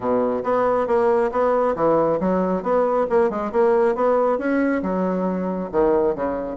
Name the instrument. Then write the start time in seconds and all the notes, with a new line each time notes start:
bassoon
0.00 B2
0.43 B3
0.87 A#3
1.31 B3
1.75 E3
2.20 F#3
2.62 B3
3.09 A#3
3.29 G#3
3.52 A#3
3.95 B3
4.38 C#4
4.82 F#3
5.71 D#3
6.15 C#3